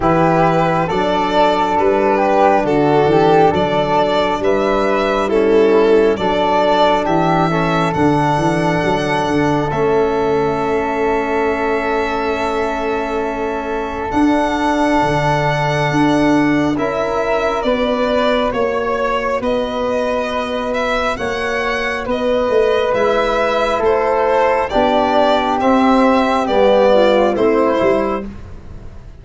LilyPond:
<<
  \new Staff \with { instrumentName = "violin" } { \time 4/4 \tempo 4 = 68 b'4 d''4 b'4 a'4 | d''4 e''4 a'4 d''4 | e''4 fis''2 e''4~ | e''1 |
fis''2. e''4 | d''4 cis''4 dis''4. e''8 | fis''4 dis''4 e''4 c''4 | d''4 e''4 d''4 c''4 | }
  \new Staff \with { instrumentName = "flute" } { \time 4/4 g'4 a'4. g'8 fis'8 g'8 | a'4 b'4 e'4 a'4 | g'8 a'2.~ a'8~ | a'1~ |
a'2. ais'4 | b'4 cis''4 b'2 | cis''4 b'2 a'4 | g'2~ g'8 f'8 e'4 | }
  \new Staff \with { instrumentName = "trombone" } { \time 4/4 e'4 d'2.~ | d'2 cis'4 d'4~ | d'8 cis'8 d'2 cis'4~ | cis'1 |
d'2. e'4 | fis'1~ | fis'2 e'2 | d'4 c'4 b4 c'8 e'8 | }
  \new Staff \with { instrumentName = "tuba" } { \time 4/4 e4 fis4 g4 d8 e8 | fis4 g2 fis4 | e4 d8 e8 fis8 d8 a4~ | a1 |
d'4 d4 d'4 cis'4 | b4 ais4 b2 | ais4 b8 a8 gis4 a4 | b4 c'4 g4 a8 g8 | }
>>